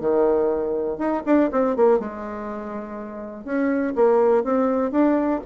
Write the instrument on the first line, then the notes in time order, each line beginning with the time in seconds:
bassoon
0.00 D#3
0.98 D#4
1.26 D4
1.52 C4
1.76 A#3
1.99 G#3
3.44 C#4
3.95 A#3
4.44 C4
4.92 D4